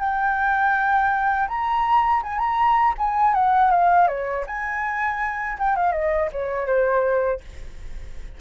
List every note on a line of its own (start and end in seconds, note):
0.00 1.48 G5
1.48 2.23 A#5
2.23 2.39 G#5
2.39 2.94 A#5
2.98 3.34 G#5
3.34 3.71 F#5
3.71 4.08 F5
4.08 4.45 C#5
4.47 5.58 G#5
5.59 5.76 G5
5.76 5.93 F5
5.93 6.30 D#5
6.32 6.67 C#5
6.67 7.41 C5